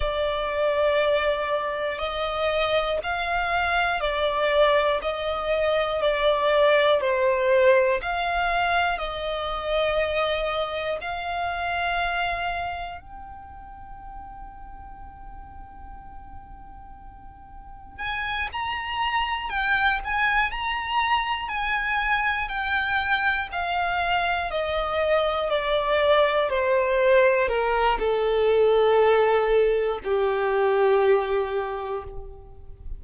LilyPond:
\new Staff \with { instrumentName = "violin" } { \time 4/4 \tempo 4 = 60 d''2 dis''4 f''4 | d''4 dis''4 d''4 c''4 | f''4 dis''2 f''4~ | f''4 g''2.~ |
g''2 gis''8 ais''4 g''8 | gis''8 ais''4 gis''4 g''4 f''8~ | f''8 dis''4 d''4 c''4 ais'8 | a'2 g'2 | }